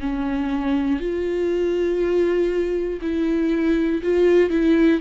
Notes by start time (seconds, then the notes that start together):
0.00 C#4
1.00 F4
3.02 E4
4.03 F4
4.50 E4